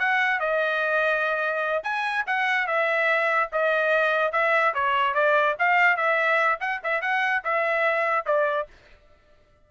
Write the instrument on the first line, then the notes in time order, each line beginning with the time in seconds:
trumpet
0.00 F#5
0.40 D#5
1.84 G#5
2.27 F#5
2.67 E5
3.53 D#5
4.33 E5
4.75 C#5
5.15 D5
5.59 F5
5.97 E5
6.61 F#5
6.84 E5
7.02 F#5
7.45 E5
8.26 D5